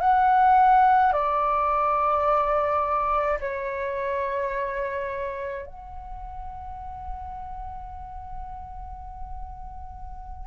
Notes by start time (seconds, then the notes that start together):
0.00 F#5
1.13 D5
3.40 C#5
5.66 F#5